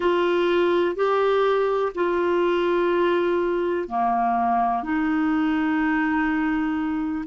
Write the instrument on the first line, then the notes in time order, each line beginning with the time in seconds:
clarinet
0.00 F4
0.95 G4
1.94 F4
3.88 A#3
4.83 D#4